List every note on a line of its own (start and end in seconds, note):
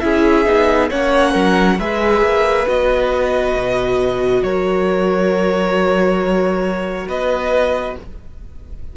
0.00 0.46 C#4
0.00 0.45 E4
0.00 0.90 G#4
0.00 0.88 E5
0.45 0.90 B3
0.45 0.89 D#4
0.90 1.35 A#3
0.90 1.79 C#4
0.90 1.31 C#5
0.90 1.80 F#5
1.31 1.79 F#3
1.31 1.76 A#4
1.79 2.22 G#3
1.79 2.67 G#4
1.79 4.44 B4
1.79 2.68 E5
2.22 2.66 A#3
2.67 3.55 B3
2.67 7.96 F#4
2.67 4.43 D#5
3.55 4.42 B2
4.42 7.07 F#3
4.42 7.08 A#4
4.42 7.08 C#5
7.08 7.96 B3
7.08 7.96 B4
7.08 7.97 D#5